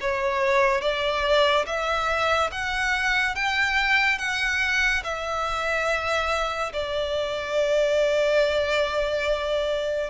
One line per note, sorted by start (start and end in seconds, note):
0.00 0.81 C#5
0.81 1.65 D5
1.66 2.50 E5
2.51 3.35 F#5
3.35 4.18 G5
4.18 5.02 F#5
5.03 6.72 E5
6.73 10.10 D5